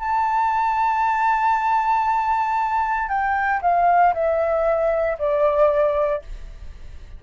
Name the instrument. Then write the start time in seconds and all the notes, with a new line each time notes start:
flute
0.00 A5
3.09 G5
3.62 F5
4.14 E5
5.19 D5